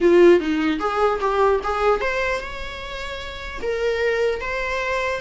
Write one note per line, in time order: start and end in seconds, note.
0.01 0.39 F4
0.39 0.79 D#4
0.79 1.19 G#4
1.20 1.60 G4
1.63 2.00 G#4
2.00 2.40 C5
2.40 3.60 C#5
3.62 4.40 A#4
4.40 5.20 C5